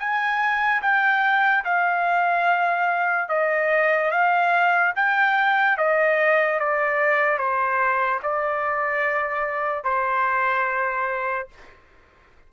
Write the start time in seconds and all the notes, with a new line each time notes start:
0.00 G#5
0.83 G5
1.65 F5
3.30 D#5
4.12 F5
4.96 G5
5.78 D#5
6.60 D5
7.38 C5
8.23 D5
9.84 C5